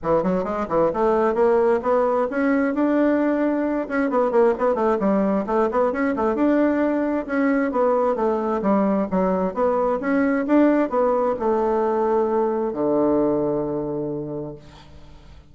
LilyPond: \new Staff \with { instrumentName = "bassoon" } { \time 4/4 \tempo 4 = 132 e8 fis8 gis8 e8 a4 ais4 | b4 cis'4 d'2~ | d'8 cis'8 b8 ais8 b8 a8 g4 | a8 b8 cis'8 a8 d'2 |
cis'4 b4 a4 g4 | fis4 b4 cis'4 d'4 | b4 a2. | d1 | }